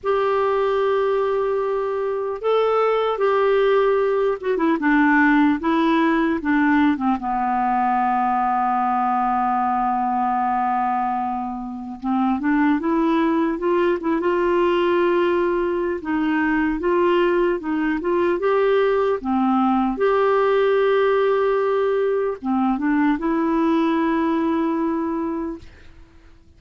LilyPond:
\new Staff \with { instrumentName = "clarinet" } { \time 4/4 \tempo 4 = 75 g'2. a'4 | g'4. fis'16 e'16 d'4 e'4 | d'8. c'16 b2.~ | b2. c'8 d'8 |
e'4 f'8 e'16 f'2~ f'16 | dis'4 f'4 dis'8 f'8 g'4 | c'4 g'2. | c'8 d'8 e'2. | }